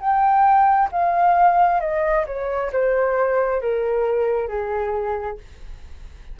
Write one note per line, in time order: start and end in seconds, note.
0.00 0.90 G5
0.92 1.80 F5
1.80 2.25 D#5
2.27 2.72 C#5
2.72 3.61 C5
3.61 4.48 A#4
4.48 5.38 G#4